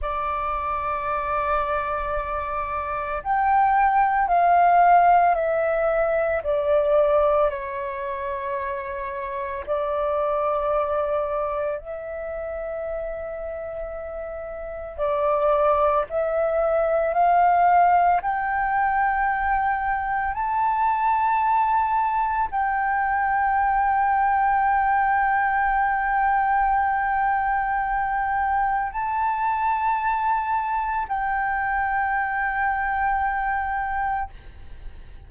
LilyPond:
\new Staff \with { instrumentName = "flute" } { \time 4/4 \tempo 4 = 56 d''2. g''4 | f''4 e''4 d''4 cis''4~ | cis''4 d''2 e''4~ | e''2 d''4 e''4 |
f''4 g''2 a''4~ | a''4 g''2.~ | g''2. a''4~ | a''4 g''2. | }